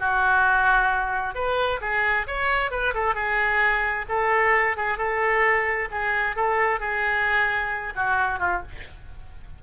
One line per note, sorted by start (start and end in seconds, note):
0.00 1.35 F#4
1.35 1.81 B4
1.82 2.27 G#4
2.27 2.71 C#5
2.71 2.94 B4
2.95 3.15 A4
3.15 4.06 G#4
4.09 4.77 A4
4.77 4.98 G#4
4.98 5.89 A4
5.91 6.36 G#4
6.36 6.80 A4
6.80 7.94 G#4
7.96 8.40 F#4
8.40 8.63 F4